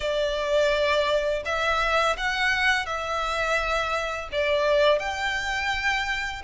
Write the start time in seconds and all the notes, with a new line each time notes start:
0.00 D5
1.44 E5
2.17 F#5
2.85 E5
4.32 D5
4.99 G5